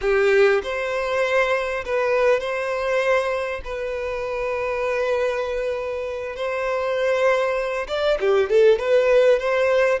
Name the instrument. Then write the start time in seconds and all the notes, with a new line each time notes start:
violin
0.01 G4
0.63 C5
1.85 B4
2.40 C5
3.64 B4
6.36 C5
7.87 D5
8.20 G4
8.49 A4
8.79 B4
9.39 C5